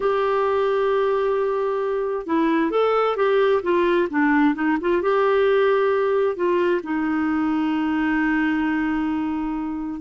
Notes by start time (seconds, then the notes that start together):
0.00 G4
2.26 E4
2.70 A4
3.16 G4
3.63 F4
4.10 D4
4.54 D#4
4.80 F4
5.02 G4
6.36 F4
6.83 D#4